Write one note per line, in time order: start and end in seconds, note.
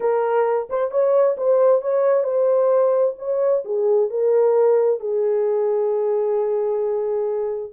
0.00 0.68 A#4
0.69 0.91 C5
0.91 1.36 C#5
1.37 1.81 C5
1.81 2.23 C#5
2.23 3.14 C5
3.18 3.63 C#5
3.65 4.10 G#4
4.10 4.99 A#4
4.99 7.72 G#4